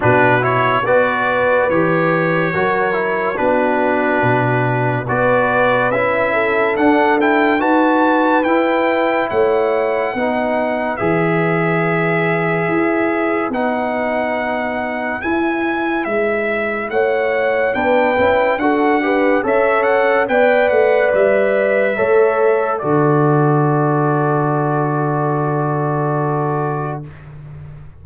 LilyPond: <<
  \new Staff \with { instrumentName = "trumpet" } { \time 4/4 \tempo 4 = 71 b'8 cis''8 d''4 cis''2 | b'2 d''4 e''4 | fis''8 g''8 a''4 g''4 fis''4~ | fis''4 e''2. |
fis''2 gis''4 e''4 | fis''4 g''4 fis''4 e''8 fis''8 | g''8 fis''8 e''2 d''4~ | d''1 | }
  \new Staff \with { instrumentName = "horn" } { \time 4/4 fis'4 b'2 ais'4 | fis'2 b'4. a'8~ | a'4 b'2 cis''4 | b'1~ |
b'1 | cis''4 b'4 a'8 b'8 cis''4 | d''2 cis''4 a'4~ | a'1 | }
  \new Staff \with { instrumentName = "trombone" } { \time 4/4 d'8 e'8 fis'4 g'4 fis'8 e'8 | d'2 fis'4 e'4 | d'8 e'8 fis'4 e'2 | dis'4 gis'2. |
dis'2 e'2~ | e'4 d'8 e'8 fis'8 g'8 a'4 | b'2 a'4 fis'4~ | fis'1 | }
  \new Staff \with { instrumentName = "tuba" } { \time 4/4 b,4 b4 e4 fis4 | b4 b,4 b4 cis'4 | d'4 dis'4 e'4 a4 | b4 e2 e'4 |
b2 e'4 gis4 | a4 b8 cis'8 d'4 cis'4 | b8 a8 g4 a4 d4~ | d1 | }
>>